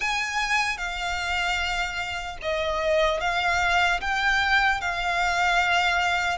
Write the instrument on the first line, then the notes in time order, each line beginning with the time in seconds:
violin
0.00 G#5
0.77 F5
2.42 D#5
3.20 F5
4.00 G5
4.80 F5